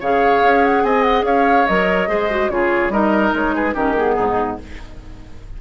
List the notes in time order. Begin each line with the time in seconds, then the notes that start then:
0.00 C#3 G#4 C#5 F5
0.43 C#4
0.64 F#5
0.84 C4 D#5 G#5
1.02 F#5
1.23 C#4 C#5 F5
1.67 F#3 A#4 D#5
2.08 G#3 G#4 C5
2.30 F#4
2.49 C#3 F4 G#4 C#5
2.89 G3 D#4 A#4 D#5
3.33 G#3 C#5
3.55 G#4 B4
3.74 D#3 C#4 G4 A#4
3.96 B3 G#4
4.15 G#2 D#4